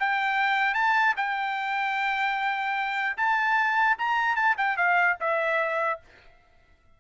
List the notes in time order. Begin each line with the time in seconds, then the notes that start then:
0.00 G5
0.74 A5
1.17 G5
3.17 A5
3.99 A#5
4.36 A5
4.57 G5
4.77 F5
5.20 E5